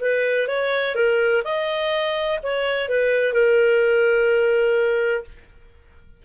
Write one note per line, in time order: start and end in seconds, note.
0.00 0.47 B4
0.47 0.95 C#5
0.95 1.42 A#4
1.44 2.39 D#5
2.43 2.88 C#5
2.88 3.33 B4
3.33 5.24 A#4